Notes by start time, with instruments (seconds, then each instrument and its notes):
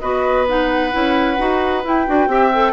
0.00 bassoon B3, clarinet F#4, oboe B4, flute D#5
0.48 clarinet D#4, flute F#5
0.92 bassoon C#4, clarinet E4
1.37 bassoon D#4, clarinet F#4
1.84 clarinet E4, bassoon E4, flute G5
2.07 bassoon D4, clarinet F#4
2.28 bassoon C4, clarinet G4, oboe E5
2.54 clarinet A4